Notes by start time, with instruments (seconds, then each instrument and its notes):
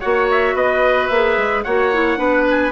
0.00 bassoon A#3, clarinet F#4, oboe C#5, trumpet F#5
0.31 trumpet E5
0.54 bassoon B3, oboe B4, trumpet D#5
1.07 bassoon A#3, clarinet G#4, trumpet E5
1.37 bassoon G#3
1.64 bassoon A#3, clarinet F#4, oboe C#5, trumpet F#5
1.93 clarinet E4
2.17 bassoon B3, clarinet D4, oboe B4
2.50 trumpet G#5